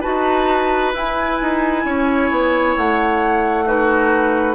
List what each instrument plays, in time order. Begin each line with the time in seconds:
0.00 bassoon D#4, clarinet F#4, oboe B4, flute A5
0.93 bassoon E4, clarinet E4, flute G#5
1.41 bassoon D#4
1.84 bassoon C#4, oboe C#5
2.30 bassoon B3
2.77 bassoon A3, flute F#5
3.65 clarinet D#4, oboe F#4, flute B4